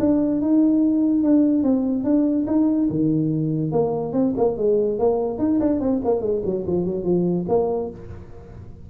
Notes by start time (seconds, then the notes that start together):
0.00 D4
0.42 D#4
1.23 D4
1.64 C4
2.04 D4
2.47 D#4
2.91 D#3
3.72 A#3
4.13 C4
4.37 A#3
4.58 G#3
4.99 A#3
5.39 D#4
5.60 D4
5.80 C4
6.05 A#3
6.21 G#3
6.45 F#3
6.67 F3
6.86 F#3
7.04 F3
7.49 A#3